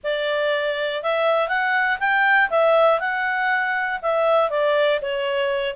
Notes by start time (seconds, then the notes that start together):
0.03 D5
1.02 E5
1.48 F#5
1.99 G5
2.50 E5
3.00 F#5
4.02 E5
4.50 D5
5.01 C#5